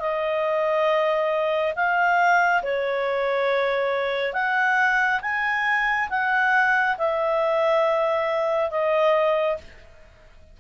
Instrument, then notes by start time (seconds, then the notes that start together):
clarinet
0.00 D#5
1.76 F5
2.63 C#5
4.34 F#5
5.22 G#5
6.10 F#5
6.98 E5
8.70 D#5